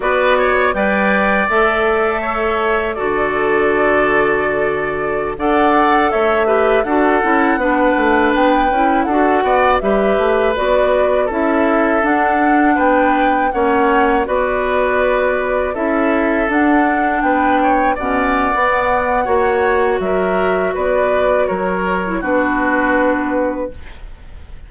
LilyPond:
<<
  \new Staff \with { instrumentName = "flute" } { \time 4/4 \tempo 4 = 81 d''4 g''4 e''2 | d''2.~ d''16 fis''8.~ | fis''16 e''4 fis''2 g''8.~ | g''16 fis''4 e''4 d''4 e''8.~ |
e''16 fis''4 g''4 fis''4 d''8.~ | d''4~ d''16 e''4 fis''4 g''8.~ | g''16 fis''2~ fis''8. e''4 | d''4 cis''4 b'2 | }
  \new Staff \with { instrumentName = "oboe" } { \time 4/4 b'8 cis''8 d''2 cis''4 | a'2.~ a'16 d''8.~ | d''16 cis''8 b'8 a'4 b'4.~ b'16~ | b'16 a'8 d''8 b'2 a'8.~ |
a'4~ a'16 b'4 cis''4 b'8.~ | b'4~ b'16 a'2 b'8 cis''16~ | cis''16 d''4.~ d''16 cis''4 ais'4 | b'4 ais'4 fis'2 | }
  \new Staff \with { instrumentName = "clarinet" } { \time 4/4 fis'4 b'4 a'2 | fis'2.~ fis'16 a'8.~ | a'8. g'8 fis'8 e'8 d'4. e'16~ | e'16 fis'4 g'4 fis'4 e'8.~ |
e'16 d'2 cis'4 fis'8.~ | fis'4~ fis'16 e'4 d'4.~ d'16~ | d'16 cis'8. b4 fis'2~ | fis'4.~ fis'16 e'16 d'2 | }
  \new Staff \with { instrumentName = "bassoon" } { \time 4/4 b4 g4 a2 | d2.~ d16 d'8.~ | d'16 a4 d'8 cis'8 b8 a8 b8 cis'16~ | cis'16 d'8 b8 g8 a8 b4 cis'8.~ |
cis'16 d'4 b4 ais4 b8.~ | b4~ b16 cis'4 d'4 b8.~ | b16 b,8. b4 ais4 fis4 | b4 fis4 b2 | }
>>